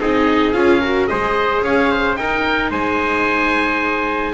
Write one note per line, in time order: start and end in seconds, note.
0.00 0.54 C4
0.00 0.54 D#4
0.00 0.81 G#4
0.00 0.53 D#5
0.53 1.09 C#4
0.53 0.81 F4
0.53 1.07 F5
0.81 1.10 F#4
0.81 1.08 A#4
1.07 1.62 G#3
1.07 2.19 G#4
1.07 1.64 C5
1.07 1.62 D#5
1.62 2.17 C#4
1.62 1.91 C#5
1.62 2.16 F5
1.91 2.19 C5
2.16 2.71 D#4
2.16 4.34 D#4
2.16 2.71 A#4
2.16 2.71 G5
2.71 4.34 G#3
2.71 4.34 C5
2.71 4.34 G#5